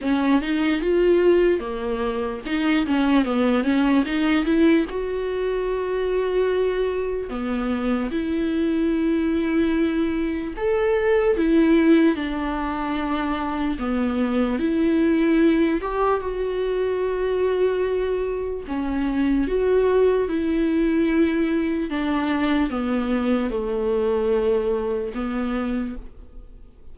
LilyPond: \new Staff \with { instrumentName = "viola" } { \time 4/4 \tempo 4 = 74 cis'8 dis'8 f'4 ais4 dis'8 cis'8 | b8 cis'8 dis'8 e'8 fis'2~ | fis'4 b4 e'2~ | e'4 a'4 e'4 d'4~ |
d'4 b4 e'4. g'8 | fis'2. cis'4 | fis'4 e'2 d'4 | b4 a2 b4 | }